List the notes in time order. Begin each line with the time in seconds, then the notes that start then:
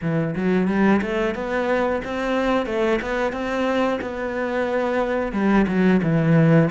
0.01 E3
0.35 F#3
0.67 G3
1.02 A3
1.35 B3
2.04 C4
2.66 A3
3.01 B3
3.32 C4
4.01 B3
5.32 G3
5.67 F#3
6.02 E3